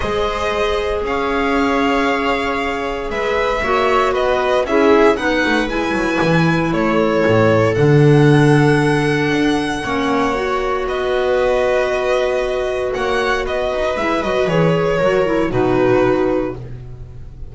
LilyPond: <<
  \new Staff \with { instrumentName = "violin" } { \time 4/4 \tempo 4 = 116 dis''2 f''2~ | f''2 e''2 | dis''4 e''4 fis''4 gis''4~ | gis''4 cis''2 fis''4~ |
fis''1~ | fis''4 dis''2.~ | dis''4 fis''4 dis''4 e''8 dis''8 | cis''2 b'2 | }
  \new Staff \with { instrumentName = "viola" } { \time 4/4 c''2 cis''2~ | cis''2 b'4 cis''4 | b'4 gis'4 b'2~ | b'4 a'2.~ |
a'2. cis''4~ | cis''4 b'2.~ | b'4 cis''4 b'2~ | b'4 ais'4 fis'2 | }
  \new Staff \with { instrumentName = "clarinet" } { \time 4/4 gis'1~ | gis'2. fis'4~ | fis'4 e'4 dis'4 e'4~ | e'2. d'4~ |
d'2. cis'4 | fis'1~ | fis'2. e'8 fis'8 | gis'4 fis'8 e'8 dis'2 | }
  \new Staff \with { instrumentName = "double bass" } { \time 4/4 gis2 cis'2~ | cis'2 gis4 ais4 | b4 cis'4 b8 a8 gis8 fis8 | e4 a4 a,4 d4~ |
d2 d'4 ais4~ | ais4 b2.~ | b4 ais4 b8 dis'8 gis8 fis8 | e4 fis4 b,2 | }
>>